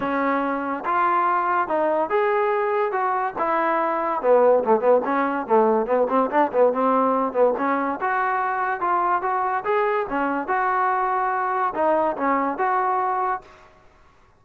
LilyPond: \new Staff \with { instrumentName = "trombone" } { \time 4/4 \tempo 4 = 143 cis'2 f'2 | dis'4 gis'2 fis'4 | e'2 b4 a8 b8 | cis'4 a4 b8 c'8 d'8 b8 |
c'4. b8 cis'4 fis'4~ | fis'4 f'4 fis'4 gis'4 | cis'4 fis'2. | dis'4 cis'4 fis'2 | }